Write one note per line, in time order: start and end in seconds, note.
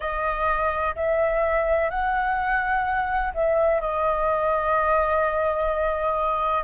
0.00 0.95 D#5
0.95 1.90 E5
1.90 3.32 F#5
3.34 3.81 E5
3.81 6.63 D#5